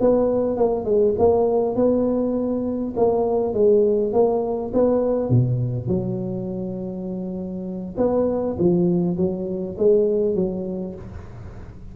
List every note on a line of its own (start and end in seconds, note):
0.00 0.56 B3
0.56 0.85 A#3
0.85 1.14 G#3
1.18 1.75 A#3
1.75 2.94 B3
2.96 3.53 A#3
3.53 4.13 G#3
4.13 4.72 A#3
4.74 5.29 B3
5.29 5.87 B2
5.87 7.95 F#3
7.97 8.57 B3
8.59 9.17 F3
9.17 9.76 F#3
9.78 10.35 G#3
10.35 10.94 F#3